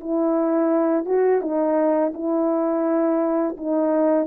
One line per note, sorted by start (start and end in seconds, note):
0.00 1.06 E4
1.06 1.41 F#4
1.41 2.13 D#4
2.14 3.56 E4
3.57 4.27 D#4